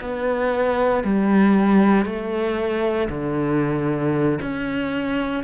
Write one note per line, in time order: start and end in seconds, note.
0.00 1.03 B3
1.03 2.05 G3
2.05 3.08 A3
3.09 4.39 D3
4.41 5.43 C#4